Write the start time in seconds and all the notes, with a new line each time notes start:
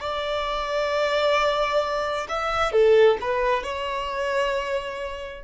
0.00 D5
2.29 E5
2.72 A4
3.21 B4
3.63 C#5